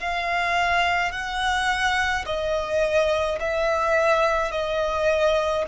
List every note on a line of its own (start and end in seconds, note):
0.00 1.12 F5
1.12 2.25 F#5
2.26 3.39 D#5
3.40 4.52 E5
4.52 5.65 D#5